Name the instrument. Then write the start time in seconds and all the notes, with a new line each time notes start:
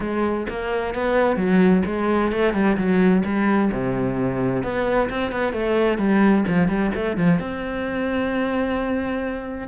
cello
0.00 G#3
0.49 A#3
0.94 B3
1.36 F#3
1.85 G#3
2.31 A3
2.53 G3
2.77 F#3
3.24 G3
3.72 C3
4.63 B3
5.09 C4
5.31 B3
5.52 A3
5.98 G3
6.47 F3
6.68 G3
6.94 A3
7.16 F3
7.39 C4